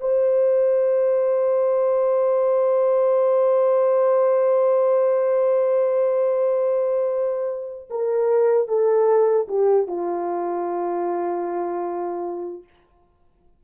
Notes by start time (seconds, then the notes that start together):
0.00 C5
7.90 A#4
8.68 A4
9.48 G4
9.87 F4